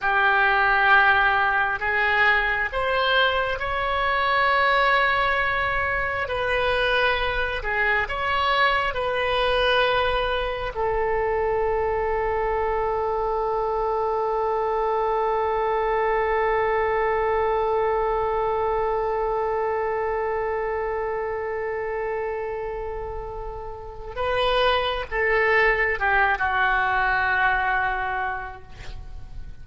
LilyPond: \new Staff \with { instrumentName = "oboe" } { \time 4/4 \tempo 4 = 67 g'2 gis'4 c''4 | cis''2. b'4~ | b'8 gis'8 cis''4 b'2 | a'1~ |
a'1~ | a'1~ | a'2. b'4 | a'4 g'8 fis'2~ fis'8 | }